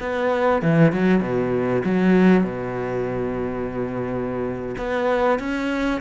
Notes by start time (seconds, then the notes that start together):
0.00 B3
0.62 E3
0.92 F#3
1.20 B2
1.84 F#3
2.43 B2
4.77 B3
5.39 C#4